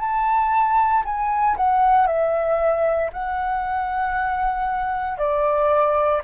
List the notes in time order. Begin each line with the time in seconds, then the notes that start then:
0.00 A5
1.05 G#5
1.57 F#5
2.07 E5
3.13 F#5
5.18 D5